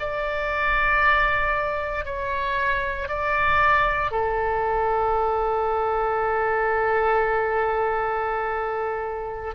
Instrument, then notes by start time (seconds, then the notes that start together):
oboe
0.00 D5
2.05 C#5
3.08 D5
4.12 A4